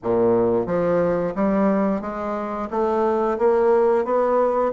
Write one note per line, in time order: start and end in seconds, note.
0.03 0.66 A#2
0.66 1.33 F3
1.35 2.01 G3
2.01 2.68 G#3
2.70 3.37 A3
3.38 4.04 A#3
4.04 4.72 B3